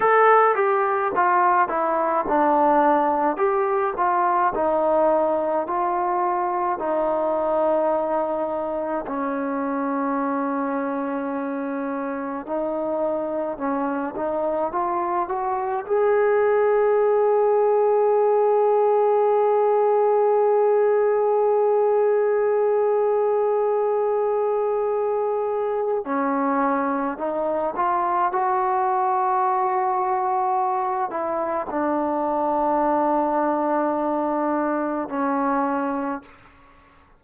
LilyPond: \new Staff \with { instrumentName = "trombone" } { \time 4/4 \tempo 4 = 53 a'8 g'8 f'8 e'8 d'4 g'8 f'8 | dis'4 f'4 dis'2 | cis'2. dis'4 | cis'8 dis'8 f'8 fis'8 gis'2~ |
gis'1~ | gis'2. cis'4 | dis'8 f'8 fis'2~ fis'8 e'8 | d'2. cis'4 | }